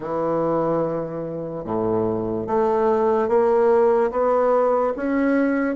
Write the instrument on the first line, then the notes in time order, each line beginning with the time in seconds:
bassoon
0.00 E3
1.64 A2
2.46 A3
3.28 A#3
4.11 B3
4.96 C#4